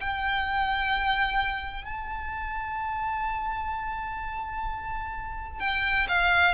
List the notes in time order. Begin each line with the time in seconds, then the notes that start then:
0.00 G5
1.85 A5
5.60 G5
6.08 F5